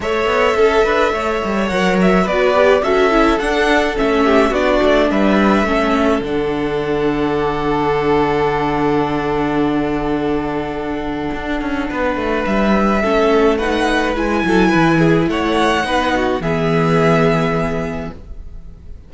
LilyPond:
<<
  \new Staff \with { instrumentName = "violin" } { \time 4/4 \tempo 4 = 106 e''2. fis''8 e''8 | d''4 e''4 fis''4 e''4 | d''4 e''2 fis''4~ | fis''1~ |
fis''1~ | fis''2 e''2 | fis''4 gis''2 fis''4~ | fis''4 e''2. | }
  \new Staff \with { instrumentName = "violin" } { \time 4/4 cis''4 a'8 b'8 cis''2 | b'4 a'2~ a'8 g'8 | fis'4 b'4 a'2~ | a'1~ |
a'1~ | a'4 b'2 a'4 | b'4. a'8 b'8 gis'8 cis''4 | b'8 fis'8 gis'2. | }
  \new Staff \with { instrumentName = "viola" } { \time 4/4 a'2. ais'4 | fis'8 g'8 fis'8 e'8 d'4 cis'4 | d'2 cis'4 d'4~ | d'1~ |
d'1~ | d'2. cis'4 | dis'4 e'2. | dis'4 b2. | }
  \new Staff \with { instrumentName = "cello" } { \time 4/4 a8 b8 cis'8 d'8 a8 g8 fis4 | b4 cis'4 d'4 a4 | b8 a8 g4 a4 d4~ | d1~ |
d1 | d'8 cis'8 b8 a8 g4 a4~ | a4 gis8 fis8 e4 a4 | b4 e2. | }
>>